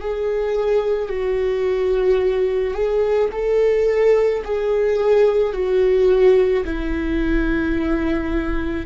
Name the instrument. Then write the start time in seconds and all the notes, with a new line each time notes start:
viola
0.00 G#4
1.09 F#4
2.74 G#4
3.32 A4
4.44 G#4
5.53 F#4
6.65 E4